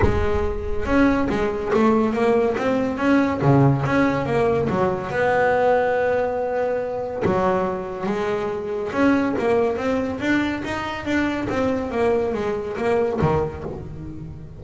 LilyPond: \new Staff \with { instrumentName = "double bass" } { \time 4/4 \tempo 4 = 141 gis2 cis'4 gis4 | a4 ais4 c'4 cis'4 | cis4 cis'4 ais4 fis4 | b1~ |
b4 fis2 gis4~ | gis4 cis'4 ais4 c'4 | d'4 dis'4 d'4 c'4 | ais4 gis4 ais4 dis4 | }